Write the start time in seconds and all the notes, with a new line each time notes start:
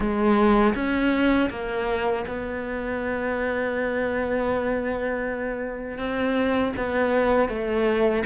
0.00 G#3
0.74 C#4
1.50 A#3
2.27 B3
5.98 C4
6.76 B3
7.48 A3